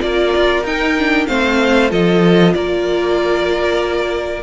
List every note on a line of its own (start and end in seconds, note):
0.00 0.34 A#3
0.00 0.63 F4
0.00 1.28 A#4
0.00 0.64 D5
0.36 0.63 F4
0.63 1.27 D#4
0.63 0.97 D#4
0.63 1.26 G5
0.97 1.28 D4
1.26 1.91 A3
1.26 1.89 C4
1.26 1.90 C5
1.26 1.90 F5
1.89 2.54 F3
1.89 4.42 F4
1.89 2.53 A4
1.89 2.53 D#5
2.53 4.42 A#3
2.53 4.42 A#4
2.53 4.42 D5